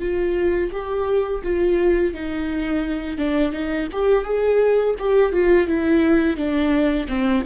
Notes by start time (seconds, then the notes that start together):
0.00 F4
0.72 G4
1.43 F4
2.13 D#4
3.17 D4
3.52 D#4
3.92 G4
4.24 G#4
4.99 G4
5.32 F4
5.67 E4
6.36 D4
7.08 C4